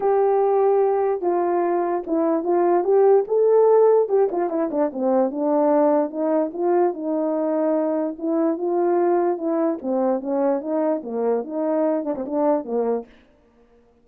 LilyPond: \new Staff \with { instrumentName = "horn" } { \time 4/4 \tempo 4 = 147 g'2. f'4~ | f'4 e'4 f'4 g'4 | a'2 g'8 f'8 e'8 d'8 | c'4 d'2 dis'4 |
f'4 dis'2. | e'4 f'2 e'4 | c'4 cis'4 dis'4 ais4 | dis'4. d'16 c'16 d'4 ais4 | }